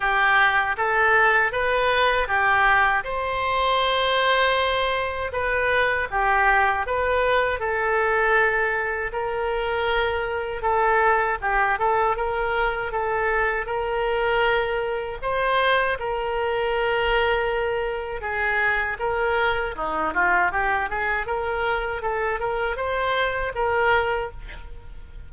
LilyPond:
\new Staff \with { instrumentName = "oboe" } { \time 4/4 \tempo 4 = 79 g'4 a'4 b'4 g'4 | c''2. b'4 | g'4 b'4 a'2 | ais'2 a'4 g'8 a'8 |
ais'4 a'4 ais'2 | c''4 ais'2. | gis'4 ais'4 dis'8 f'8 g'8 gis'8 | ais'4 a'8 ais'8 c''4 ais'4 | }